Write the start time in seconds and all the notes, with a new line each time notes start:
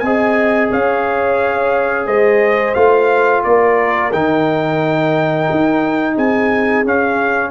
0.00 C4 G#4 D#5 G#5
0.72 C#4 C#5 F5
2.07 G#3 C5 D#5
2.75 A3 F4 F5
3.44 A#3 A#4 D5
4.13 D#3 D#4 G5
5.51 D#4
6.15 C4 G#4 G#5
6.85 C#4 F5